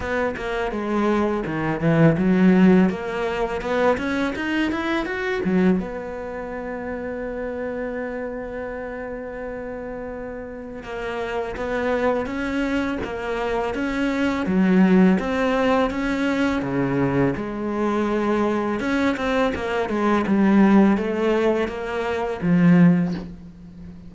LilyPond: \new Staff \with { instrumentName = "cello" } { \time 4/4 \tempo 4 = 83 b8 ais8 gis4 dis8 e8 fis4 | ais4 b8 cis'8 dis'8 e'8 fis'8 fis8 | b1~ | b2. ais4 |
b4 cis'4 ais4 cis'4 | fis4 c'4 cis'4 cis4 | gis2 cis'8 c'8 ais8 gis8 | g4 a4 ais4 f4 | }